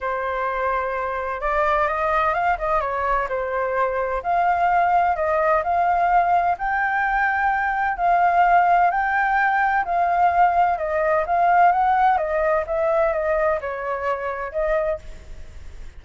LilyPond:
\new Staff \with { instrumentName = "flute" } { \time 4/4 \tempo 4 = 128 c''2. d''4 | dis''4 f''8 dis''8 cis''4 c''4~ | c''4 f''2 dis''4 | f''2 g''2~ |
g''4 f''2 g''4~ | g''4 f''2 dis''4 | f''4 fis''4 dis''4 e''4 | dis''4 cis''2 dis''4 | }